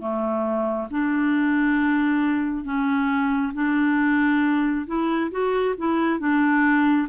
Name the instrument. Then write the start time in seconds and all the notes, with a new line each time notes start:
clarinet
0.00 A3
0.91 D4
2.65 C#4
3.54 D4
4.86 E4
5.31 F#4
5.78 E4
6.20 D4